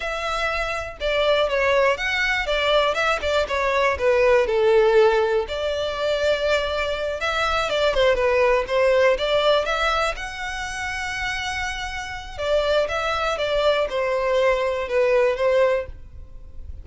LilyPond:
\new Staff \with { instrumentName = "violin" } { \time 4/4 \tempo 4 = 121 e''2 d''4 cis''4 | fis''4 d''4 e''8 d''8 cis''4 | b'4 a'2 d''4~ | d''2~ d''8 e''4 d''8 |
c''8 b'4 c''4 d''4 e''8~ | e''8 fis''2.~ fis''8~ | fis''4 d''4 e''4 d''4 | c''2 b'4 c''4 | }